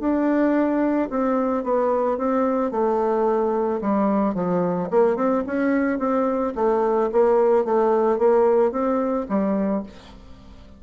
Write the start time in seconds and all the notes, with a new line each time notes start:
0.00 D4
1.10 C4
1.64 B3
2.18 C4
2.71 A3
3.81 G3
4.34 F3
4.91 A#3
5.16 C4
5.47 C#4
5.99 C4
6.56 A3
7.12 A#3
7.65 A3
8.19 A#3
8.72 C4
9.29 G3